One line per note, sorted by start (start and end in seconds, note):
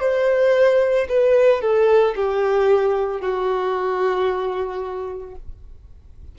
0.00 1.07 C5
1.09 1.61 B4
1.61 2.14 A4
2.15 3.20 G4
3.20 5.35 F#4